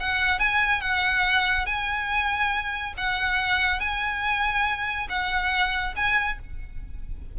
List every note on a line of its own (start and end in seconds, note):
0.00 0.39 F#5
0.39 0.81 G#5
0.81 1.66 F#5
1.66 2.93 G#5
2.97 3.80 F#5
3.80 5.08 G#5
5.09 5.94 F#5
5.96 6.38 G#5